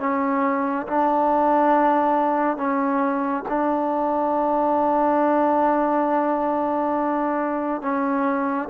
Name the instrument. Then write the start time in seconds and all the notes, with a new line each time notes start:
trombone
0.00 C#4
0.87 D4
2.57 C#4
3.49 D4
7.82 C#4